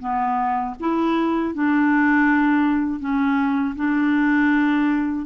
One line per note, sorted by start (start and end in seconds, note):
0.00 0.75 B3
0.80 1.54 E4
1.54 3.00 D4
3.00 3.75 C#4
3.76 5.26 D4